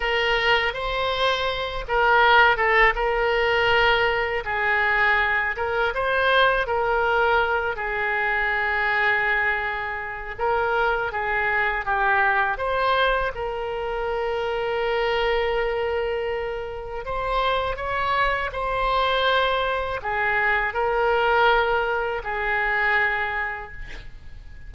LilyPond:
\new Staff \with { instrumentName = "oboe" } { \time 4/4 \tempo 4 = 81 ais'4 c''4. ais'4 a'8 | ais'2 gis'4. ais'8 | c''4 ais'4. gis'4.~ | gis'2 ais'4 gis'4 |
g'4 c''4 ais'2~ | ais'2. c''4 | cis''4 c''2 gis'4 | ais'2 gis'2 | }